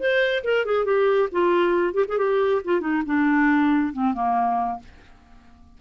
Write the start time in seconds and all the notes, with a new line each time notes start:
0.00 C5
0.45 A#4
0.66 G#4
0.86 G4
1.32 F4
1.94 G4
2.09 G#4
2.18 G4
2.65 F4
2.81 D#4
3.06 D4
3.94 C4
4.14 A#3